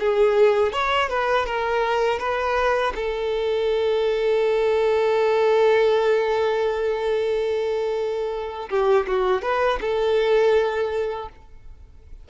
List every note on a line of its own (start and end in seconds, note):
0.00 0.72 G#4
0.72 1.09 C#5
1.09 1.46 B4
1.46 2.20 A#4
2.20 2.94 B4
2.95 8.69 A4
8.70 9.07 G4
9.07 9.42 F#4
9.42 9.79 B4
9.81 11.29 A4